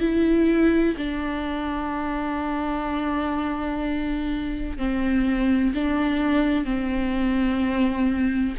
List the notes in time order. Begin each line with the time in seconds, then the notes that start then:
0.00 E4
0.97 D4
4.77 C4
5.74 D4
6.65 C4